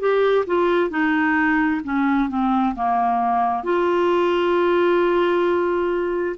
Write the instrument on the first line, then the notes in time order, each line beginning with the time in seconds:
clarinet
0.00 G4
0.47 F4
0.90 D#4
1.84 C#4
2.29 C4
2.75 A#3
3.64 F4